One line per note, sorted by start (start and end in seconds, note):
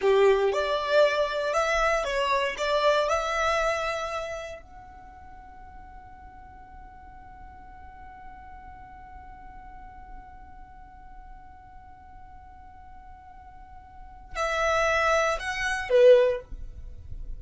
0.01 0.52 G4
0.52 1.53 D5
1.53 2.04 E5
2.04 2.55 C#5
2.57 3.08 D5
3.08 4.62 E5
4.62 14.35 F#5
14.35 15.38 E5
15.39 15.89 F#5
15.89 16.41 B4